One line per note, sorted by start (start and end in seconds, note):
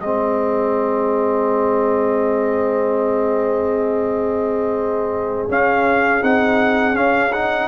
0.00 5.48 G#3
0.00 5.49 C4
0.00 7.68 G#4
0.00 5.49 D#5
5.48 6.22 C#4
5.48 6.21 C#4
5.48 6.23 F5
6.21 6.95 C4
6.21 6.93 D#4
6.21 6.96 F#5
6.93 7.30 C#4
6.93 7.68 C#4
6.93 7.32 F5
7.32 7.68 D#4
7.32 7.68 F#5